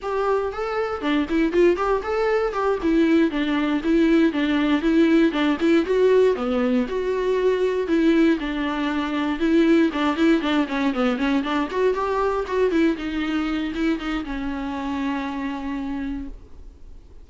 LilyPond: \new Staff \with { instrumentName = "viola" } { \time 4/4 \tempo 4 = 118 g'4 a'4 d'8 e'8 f'8 g'8 | a'4 g'8 e'4 d'4 e'8~ | e'8 d'4 e'4 d'8 e'8 fis'8~ | fis'8 b4 fis'2 e'8~ |
e'8 d'2 e'4 d'8 | e'8 d'8 cis'8 b8 cis'8 d'8 fis'8 g'8~ | g'8 fis'8 e'8 dis'4. e'8 dis'8 | cis'1 | }